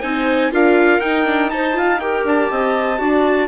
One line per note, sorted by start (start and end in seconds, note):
0.00 0.52 C4
0.00 0.52 D#4
0.00 0.50 C5
0.00 0.51 G#5
0.52 1.00 D4
0.52 1.01 F4
0.52 1.52 A#4
0.52 1.01 F5
1.00 2.24 D#4
1.00 1.25 D#4
1.00 1.50 G5
1.25 1.50 D4
1.50 1.73 D#4
1.50 1.78 C5
1.50 1.99 A5
1.73 1.98 F4
1.73 2.02 F5
2.00 2.98 G4
2.00 2.51 A#4
2.00 2.25 G5
2.24 2.49 D4
2.24 3.48 A5
2.51 3.00 C4
2.51 3.00 D#5
2.98 3.48 D4
2.98 3.48 F#4
2.98 3.48 D5